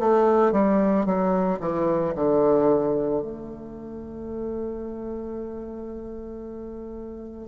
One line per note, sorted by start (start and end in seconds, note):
0.00 0.53 A3
0.53 1.06 G3
1.06 1.60 F#3
1.61 2.14 E3
2.16 3.22 D3
3.22 7.49 A3